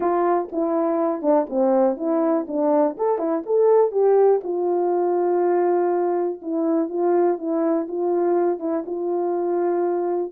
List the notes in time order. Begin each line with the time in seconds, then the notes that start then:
0.00 F4
0.51 E4
1.21 D4
1.49 C4
1.96 E4
2.47 D4
2.97 A4
3.18 E4
3.46 A4
3.91 G4
4.43 F4
6.42 E4
6.89 F4
7.38 E4
7.88 F4
8.59 E4
8.85 F4